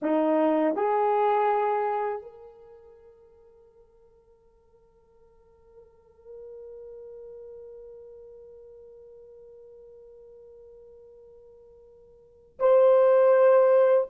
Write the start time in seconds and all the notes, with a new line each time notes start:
0.02 D#4
0.75 G#4
2.22 A#4
12.59 C5